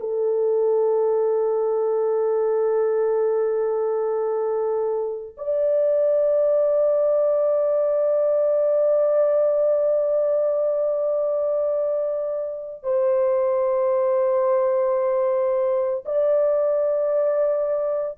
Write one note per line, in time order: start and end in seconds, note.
0.00 5.36 A4
5.37 12.83 D5
12.83 16.04 C5
16.05 18.18 D5